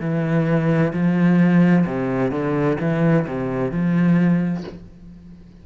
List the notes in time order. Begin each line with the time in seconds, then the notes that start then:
0.00 E3
0.93 F3
1.86 C3
2.30 D3
2.80 E3
3.26 C3
3.71 F3